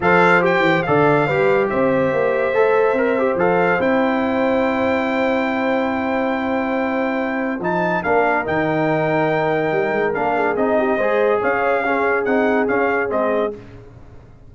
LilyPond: <<
  \new Staff \with { instrumentName = "trumpet" } { \time 4/4 \tempo 4 = 142 f''4 g''4 f''2 | e''1 | f''4 g''2.~ | g''1~ |
g''2 a''4 f''4 | g''1 | f''4 dis''2 f''4~ | f''4 fis''4 f''4 dis''4 | }
  \new Staff \with { instrumentName = "horn" } { \time 4/4 c''2 d''4 b'4 | c''1~ | c''1~ | c''1~ |
c''2. ais'4~ | ais'1~ | ais'8 gis'4 g'8 c''4 cis''4 | gis'1 | }
  \new Staff \with { instrumentName = "trombone" } { \time 4/4 a'4 g'4 a'4 g'4~ | g'2 a'4 ais'8 g'8 | a'4 e'2.~ | e'1~ |
e'2 dis'4 d'4 | dis'1 | d'4 dis'4 gis'2 | cis'4 dis'4 cis'4 c'4 | }
  \new Staff \with { instrumentName = "tuba" } { \time 4/4 f4. e8 d4 g4 | c'4 ais4 a4 c'4 | f4 c'2.~ | c'1~ |
c'2 f4 ais4 | dis2. g8 gis8 | ais4 c'4 gis4 cis'4~ | cis'4 c'4 cis'4 gis4 | }
>>